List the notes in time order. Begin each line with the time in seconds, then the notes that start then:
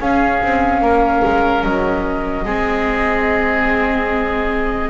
0.00 C#4 G#4 F5
0.42 C4
0.81 A#3 A#4
1.25 G#3
1.64 F#3 D#5
2.45 G#3 C4 G#4